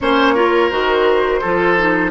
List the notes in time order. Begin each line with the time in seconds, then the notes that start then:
0.01 A#3 C#4 C5 C#5
0.34 F4 A#4
0.70 D#3 F#4 C5
1.41 F3 F4 A4
1.77 D#4